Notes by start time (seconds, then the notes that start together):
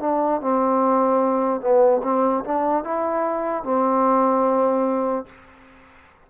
0.00 D4
0.41 C4
1.61 B3
2.03 C4
2.44 D4
2.84 E4
3.64 C4